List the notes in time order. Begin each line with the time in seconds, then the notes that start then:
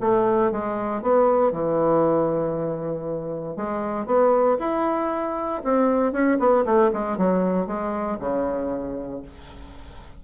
0.00 A3
0.51 G#3
1.02 B3
1.52 E3
3.56 G#3
4.06 B3
4.59 E4
5.64 C4
6.12 C#4
6.39 B3
6.65 A3
6.93 G#3
7.17 F#3
7.66 G#3
8.19 C#3